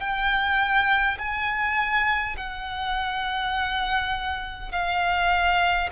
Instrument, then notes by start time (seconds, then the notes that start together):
violin
0.00 G5
1.19 G#5
2.36 F#5
4.72 F5